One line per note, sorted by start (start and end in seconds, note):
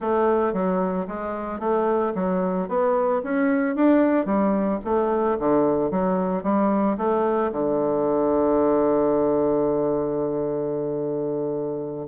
0.00 0.53 A3
0.53 1.06 F#3
1.07 1.59 G#3
1.59 2.13 A3
2.15 2.68 F#3
2.68 3.22 B3
3.23 3.75 C#4
3.75 4.25 D4
4.25 4.79 G3
4.84 5.38 A3
5.39 5.90 D3
5.90 6.43 F#3
6.43 6.96 G3
6.97 7.51 A3
7.51 12.07 D3